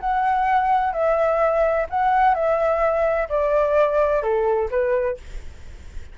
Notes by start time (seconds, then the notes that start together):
0.00 F#5
0.93 E5
1.90 F#5
2.35 E5
3.29 D5
4.23 A4
4.71 B4